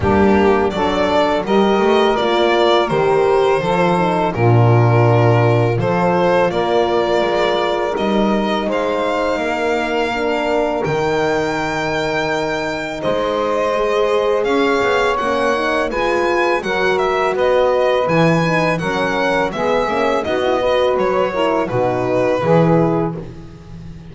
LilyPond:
<<
  \new Staff \with { instrumentName = "violin" } { \time 4/4 \tempo 4 = 83 g'4 d''4 dis''4 d''4 | c''2 ais'2 | c''4 d''2 dis''4 | f''2. g''4~ |
g''2 dis''2 | f''4 fis''4 gis''4 fis''8 e''8 | dis''4 gis''4 fis''4 e''4 | dis''4 cis''4 b'2 | }
  \new Staff \with { instrumentName = "saxophone" } { \time 4/4 d'4 a'4 ais'2~ | ais'4 a'4 f'2 | a'4 ais'2. | c''4 ais'2.~ |
ais'2 c''2 | cis''2 b'4 ais'4 | b'2 ais'4 gis'4 | fis'8 b'4 ais'8 fis'4 gis'4 | }
  \new Staff \with { instrumentName = "horn" } { \time 4/4 ais4 d'4 g'4 f'4 | g'4 f'8 dis'8 d'2 | f'2. dis'4~ | dis'2 d'4 dis'4~ |
dis'2. gis'4~ | gis'4 cis'8 dis'8 f'4 fis'4~ | fis'4 e'8 dis'8 cis'4 b8 cis'8 | dis'16 e'16 fis'4 e'8 dis'4 e'4 | }
  \new Staff \with { instrumentName = "double bass" } { \time 4/4 g4 fis4 g8 a8 ais4 | dis4 f4 ais,2 | f4 ais4 gis4 g4 | gis4 ais2 dis4~ |
dis2 gis2 | cis'8 b8 ais4 gis4 fis4 | b4 e4 fis4 gis8 ais8 | b4 fis4 b,4 e4 | }
>>